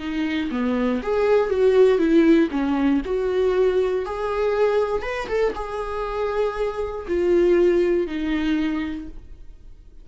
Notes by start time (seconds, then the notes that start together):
0.00 D#4
0.51 B3
1.03 G#4
1.50 F#4
1.98 E4
2.52 C#4
3.06 F#4
4.06 G#4
5.03 B4
5.29 A4
5.56 G#4
7.08 F4
8.07 D#4